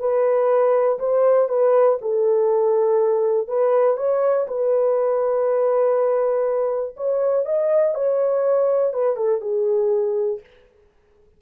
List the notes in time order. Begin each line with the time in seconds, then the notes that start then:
0.00 B4
0.99 C5
1.49 B4
2.02 A4
3.48 B4
3.98 C#5
4.48 B4
6.97 C#5
7.46 D#5
7.95 C#5
8.94 B4
9.17 A4
9.41 G#4